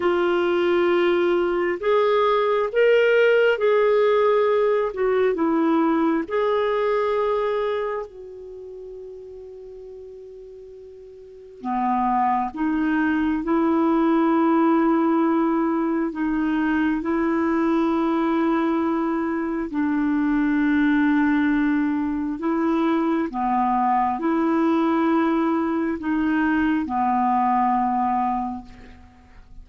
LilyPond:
\new Staff \with { instrumentName = "clarinet" } { \time 4/4 \tempo 4 = 67 f'2 gis'4 ais'4 | gis'4. fis'8 e'4 gis'4~ | gis'4 fis'2.~ | fis'4 b4 dis'4 e'4~ |
e'2 dis'4 e'4~ | e'2 d'2~ | d'4 e'4 b4 e'4~ | e'4 dis'4 b2 | }